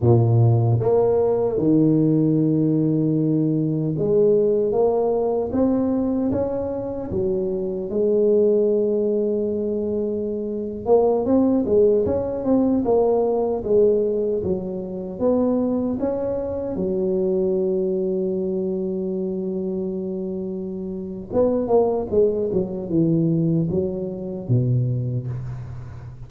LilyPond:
\new Staff \with { instrumentName = "tuba" } { \time 4/4 \tempo 4 = 76 ais,4 ais4 dis2~ | dis4 gis4 ais4 c'4 | cis'4 fis4 gis2~ | gis4.~ gis16 ais8 c'8 gis8 cis'8 c'16~ |
c'16 ais4 gis4 fis4 b8.~ | b16 cis'4 fis2~ fis8.~ | fis2. b8 ais8 | gis8 fis8 e4 fis4 b,4 | }